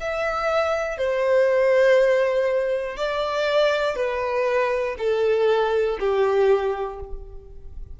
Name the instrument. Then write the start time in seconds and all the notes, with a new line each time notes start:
violin
0.00 E5
0.98 C5
2.97 D5
3.95 B4
4.98 A4
6.00 G4